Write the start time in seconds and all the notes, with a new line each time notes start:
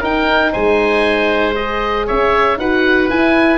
0.00 D#4 A#4 G5
0.52 G#3 C5 G#5
1.55 G#4 D#5
2.06 C#4 C#5 E5
2.56 D#4 F#4 B4 F#5
3.09 E4 G#5